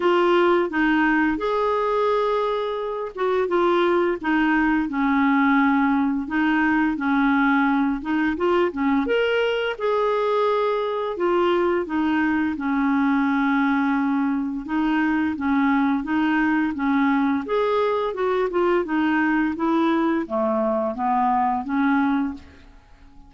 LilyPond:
\new Staff \with { instrumentName = "clarinet" } { \time 4/4 \tempo 4 = 86 f'4 dis'4 gis'2~ | gis'8 fis'8 f'4 dis'4 cis'4~ | cis'4 dis'4 cis'4. dis'8 | f'8 cis'8 ais'4 gis'2 |
f'4 dis'4 cis'2~ | cis'4 dis'4 cis'4 dis'4 | cis'4 gis'4 fis'8 f'8 dis'4 | e'4 a4 b4 cis'4 | }